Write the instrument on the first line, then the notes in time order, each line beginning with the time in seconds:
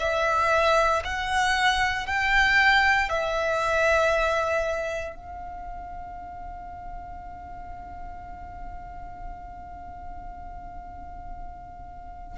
violin
0.00 E5
1.05 F#5
2.07 G5
3.09 E5
5.16 F5